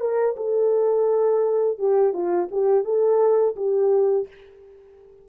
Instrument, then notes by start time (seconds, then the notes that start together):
horn
0.00 A#4
0.36 A4
1.79 G4
2.13 F4
2.51 G4
2.84 A4
3.56 G4